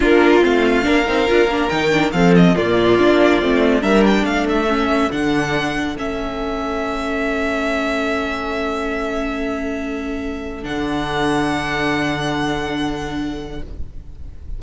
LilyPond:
<<
  \new Staff \with { instrumentName = "violin" } { \time 4/4 \tempo 4 = 141 ais'4 f''2. | g''4 f''8 dis''8 d''2~ | d''4 e''8 g''8 f''8 e''4. | fis''2 e''2~ |
e''1~ | e''1~ | e''4 fis''2.~ | fis''1 | }
  \new Staff \with { instrumentName = "violin" } { \time 4/4 f'2 ais'2~ | ais'4 a'4 f'2~ | f'4 ais'4 a'2~ | a'1~ |
a'1~ | a'1~ | a'1~ | a'1 | }
  \new Staff \with { instrumentName = "viola" } { \time 4/4 d'4 c'4 d'8 dis'8 f'8 d'8 | dis'8 d'8 c'4 ais4 d'4 | c'4 d'2 cis'4 | d'2 cis'2~ |
cis'1~ | cis'1~ | cis'4 d'2.~ | d'1 | }
  \new Staff \with { instrumentName = "cello" } { \time 4/4 ais4 a4 ais8 c'8 d'8 ais8 | dis4 f4 ais,4 ais4 | a4 g4 a2 | d2 a2~ |
a1~ | a1~ | a4 d2.~ | d1 | }
>>